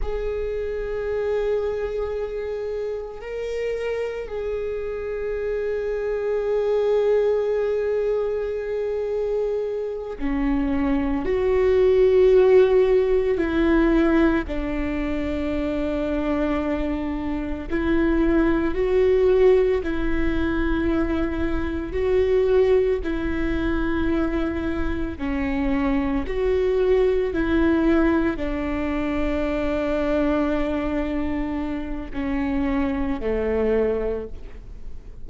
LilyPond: \new Staff \with { instrumentName = "viola" } { \time 4/4 \tempo 4 = 56 gis'2. ais'4 | gis'1~ | gis'4. cis'4 fis'4.~ | fis'8 e'4 d'2~ d'8~ |
d'8 e'4 fis'4 e'4.~ | e'8 fis'4 e'2 cis'8~ | cis'8 fis'4 e'4 d'4.~ | d'2 cis'4 a4 | }